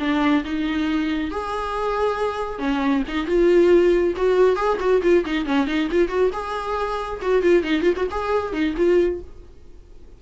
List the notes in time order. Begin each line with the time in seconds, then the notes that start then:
0.00 D4
0.44 D#4
1.31 G#4
2.59 C#4
3.08 D#4
3.26 F4
4.16 F#4
4.56 G#4
4.80 F#4
5.03 F4
5.25 D#4
5.46 C#4
5.67 D#4
5.91 F4
6.09 F#4
6.33 G#4
7.22 F#4
7.43 F4
7.64 D#4
7.83 F4
7.97 F#4
8.11 G#4
8.53 D#4
8.77 F4